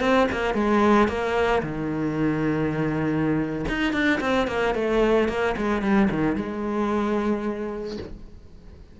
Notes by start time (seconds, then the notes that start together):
0.00 C4
0.31 A#3
0.54 G#3
1.08 A#3
1.62 D#3
3.68 D#4
3.92 D4
4.20 C4
4.47 A#3
4.74 A3
5.28 A#3
5.57 G#3
5.81 G3
6.10 D#3
6.35 G#3